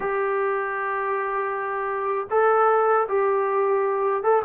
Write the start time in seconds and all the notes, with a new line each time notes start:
0.00 G4
2.30 A4
3.08 G4
4.23 A4